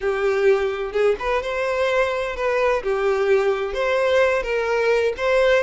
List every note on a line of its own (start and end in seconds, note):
0.01 0.92 G4
0.92 1.15 G#4
1.19 1.42 B4
1.42 2.36 C5
2.36 2.83 B4
2.83 3.73 G4
3.73 4.43 C5
4.43 5.13 A#4
5.17 5.63 C5